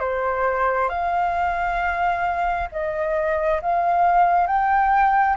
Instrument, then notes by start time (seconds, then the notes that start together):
flute
0.00 C5
0.89 F5
2.72 D#5
3.62 F5
4.47 G5